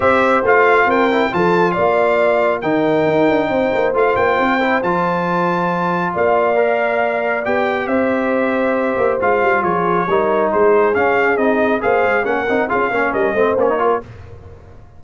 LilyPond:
<<
  \new Staff \with { instrumentName = "trumpet" } { \time 4/4 \tempo 4 = 137 e''4 f''4 g''4 a''4 | f''2 g''2~ | g''4 f''8 g''4. a''4~ | a''2 f''2~ |
f''4 g''4 e''2~ | e''4 f''4 cis''2 | c''4 f''4 dis''4 f''4 | fis''4 f''4 dis''4 cis''4 | }
  \new Staff \with { instrumentName = "horn" } { \time 4/4 c''2 ais'4 a'4 | d''2 ais'2 | c''1~ | c''2 d''2~ |
d''2 c''2~ | c''2 gis'4 ais'4 | gis'2. c''4 | ais'4 gis'8 cis''8 ais'8 c''4 ais'8 | }
  \new Staff \with { instrumentName = "trombone" } { \time 4/4 g'4 f'4. e'8 f'4~ | f'2 dis'2~ | dis'4 f'4. e'8 f'4~ | f'2. ais'4~ |
ais'4 g'2.~ | g'4 f'2 dis'4~ | dis'4 cis'4 dis'4 gis'4 | cis'8 dis'8 f'8 cis'4 c'8 cis'16 dis'16 f'8 | }
  \new Staff \with { instrumentName = "tuba" } { \time 4/4 c'4 a4 c'4 f4 | ais2 dis4 dis'8 d'8 | c'8 ais8 a8 ais8 c'4 f4~ | f2 ais2~ |
ais4 b4 c'2~ | c'8 ais8 gis8 g8 f4 g4 | gis4 cis'4 c'4 ais8 gis8 | ais8 c'8 cis'8 ais8 g8 a8 ais4 | }
>>